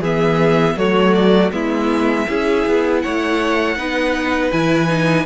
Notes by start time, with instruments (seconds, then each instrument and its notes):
0.00 cello E3, viola B3, violin G#4 E5
0.76 cello F#3, viola A3, violin F#4 C#5
1.13 violin D5
1.51 cello G#3, viola B3, violin E4 E5
2.27 cello C#4, viola E4, violin G#4
2.66 cello B3
3.01 cello A3, violin C#5 F#5
3.76 cello B3, viola D#4, violin B4
4.51 cello E3, viola E4, violin G#5
4.88 viola D#4